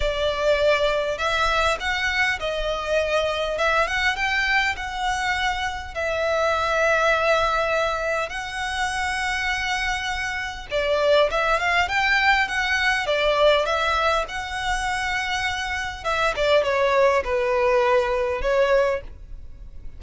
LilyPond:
\new Staff \with { instrumentName = "violin" } { \time 4/4 \tempo 4 = 101 d''2 e''4 fis''4 | dis''2 e''8 fis''8 g''4 | fis''2 e''2~ | e''2 fis''2~ |
fis''2 d''4 e''8 f''8 | g''4 fis''4 d''4 e''4 | fis''2. e''8 d''8 | cis''4 b'2 cis''4 | }